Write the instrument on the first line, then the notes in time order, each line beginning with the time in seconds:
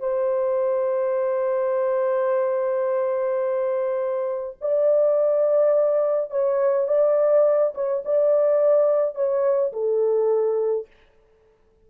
horn
0.00 C5
4.61 D5
6.31 C#5
6.88 D5
7.75 C#5
8.05 D5
9.15 C#5
9.73 A4